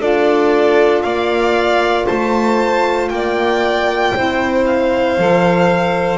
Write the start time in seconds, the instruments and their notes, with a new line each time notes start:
0.00 double bass D4, saxophone F4, violin A4 D5
1.02 double bass A#3, violin D5 F5
2.06 double bass A3, violin C5 A5
3.09 double bass A#3, violin D5 G5
4.14 double bass C4, saxophone E4, violin C5
4.66 violin F5
5.17 double bass F3, saxophone A4